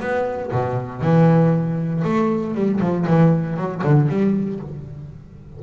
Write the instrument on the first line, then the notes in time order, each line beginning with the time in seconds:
double bass
0.00 B3
0.52 B2
1.01 E3
2.04 A3
2.55 G3
2.81 F3
3.07 E3
3.57 F#3
3.83 D3
4.09 G3